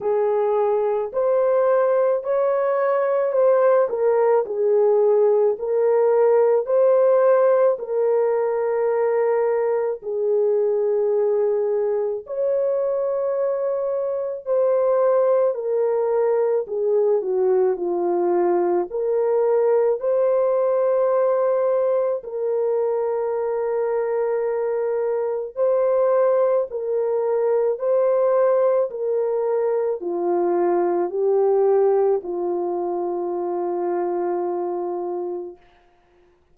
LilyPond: \new Staff \with { instrumentName = "horn" } { \time 4/4 \tempo 4 = 54 gis'4 c''4 cis''4 c''8 ais'8 | gis'4 ais'4 c''4 ais'4~ | ais'4 gis'2 cis''4~ | cis''4 c''4 ais'4 gis'8 fis'8 |
f'4 ais'4 c''2 | ais'2. c''4 | ais'4 c''4 ais'4 f'4 | g'4 f'2. | }